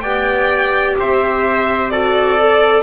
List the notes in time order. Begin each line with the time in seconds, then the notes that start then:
0.00 B3 G4 D5 G5
0.98 C4 C5 E5
1.89 F#4 A4 D5
2.38 A4